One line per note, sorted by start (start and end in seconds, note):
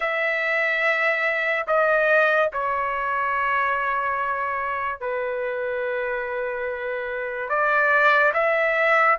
0.00 1.66 E5
1.67 2.50 D#5
2.52 5.00 C#5
5.00 7.48 B4
7.48 8.32 D5
8.33 9.17 E5